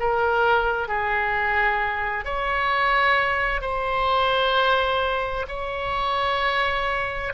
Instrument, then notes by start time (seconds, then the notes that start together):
oboe
0.00 A#4
0.88 G#4
2.25 C#5
3.62 C5
5.48 C#5